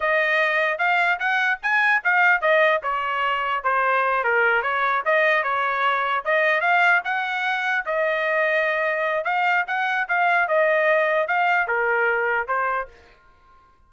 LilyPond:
\new Staff \with { instrumentName = "trumpet" } { \time 4/4 \tempo 4 = 149 dis''2 f''4 fis''4 | gis''4 f''4 dis''4 cis''4~ | cis''4 c''4. ais'4 cis''8~ | cis''8 dis''4 cis''2 dis''8~ |
dis''8 f''4 fis''2 dis''8~ | dis''2. f''4 | fis''4 f''4 dis''2 | f''4 ais'2 c''4 | }